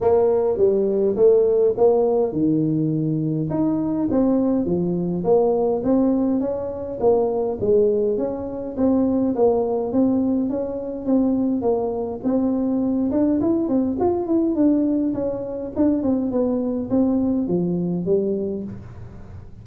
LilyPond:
\new Staff \with { instrumentName = "tuba" } { \time 4/4 \tempo 4 = 103 ais4 g4 a4 ais4 | dis2 dis'4 c'4 | f4 ais4 c'4 cis'4 | ais4 gis4 cis'4 c'4 |
ais4 c'4 cis'4 c'4 | ais4 c'4. d'8 e'8 c'8 | f'8 e'8 d'4 cis'4 d'8 c'8 | b4 c'4 f4 g4 | }